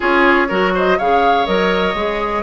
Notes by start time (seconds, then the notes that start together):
0.00 C#4 F4 G#4 C#5
0.48 F#3 F#4 A#4
0.74 C5 D#5
0.98 C#3 G#4 C#5 F5
1.46 F#3 A#4 D#5
1.94 G#3 G#4